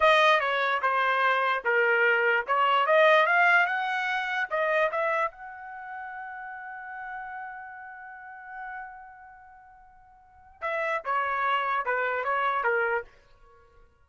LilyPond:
\new Staff \with { instrumentName = "trumpet" } { \time 4/4 \tempo 4 = 147 dis''4 cis''4 c''2 | ais'2 cis''4 dis''4 | f''4 fis''2 dis''4 | e''4 fis''2.~ |
fis''1~ | fis''1~ | fis''2 e''4 cis''4~ | cis''4 b'4 cis''4 ais'4 | }